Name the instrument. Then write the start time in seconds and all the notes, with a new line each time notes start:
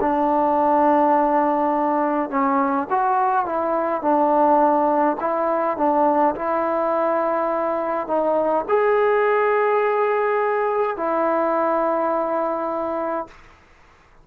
trombone
0.00 D4
2.30 C#4
2.90 F#4
3.45 E4
4.01 D4
5.20 E4
5.77 D4
6.35 E4
8.07 D#4
8.68 G#4
10.96 E4